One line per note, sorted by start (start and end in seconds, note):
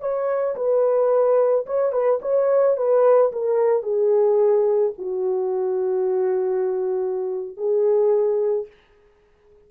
0.00 0.55 C#5
0.55 1.65 B4
1.66 1.92 C#5
1.92 2.19 B4
2.21 2.76 C#5
2.76 3.32 B4
3.32 3.82 A#4
3.82 4.92 G#4
4.98 7.57 F#4
7.57 8.67 G#4